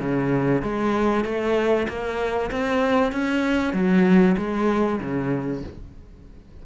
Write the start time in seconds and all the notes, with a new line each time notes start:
0.00 C#3
0.62 G#3
1.25 A3
1.88 A#3
2.51 C4
3.12 C#4
3.74 F#3
4.38 G#3
5.01 C#3